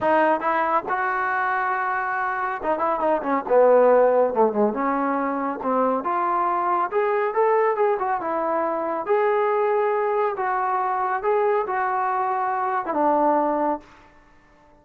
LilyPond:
\new Staff \with { instrumentName = "trombone" } { \time 4/4 \tempo 4 = 139 dis'4 e'4 fis'2~ | fis'2 dis'8 e'8 dis'8 cis'8 | b2 a8 gis8 cis'4~ | cis'4 c'4 f'2 |
gis'4 a'4 gis'8 fis'8 e'4~ | e'4 gis'2. | fis'2 gis'4 fis'4~ | fis'4.~ fis'16 e'16 d'2 | }